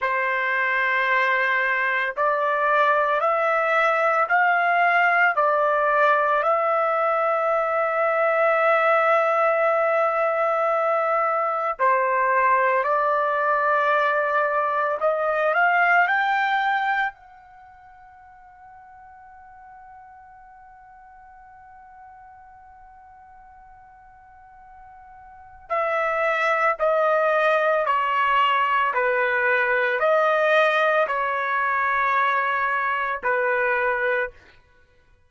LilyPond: \new Staff \with { instrumentName = "trumpet" } { \time 4/4 \tempo 4 = 56 c''2 d''4 e''4 | f''4 d''4 e''2~ | e''2. c''4 | d''2 dis''8 f''8 g''4 |
fis''1~ | fis''1 | e''4 dis''4 cis''4 b'4 | dis''4 cis''2 b'4 | }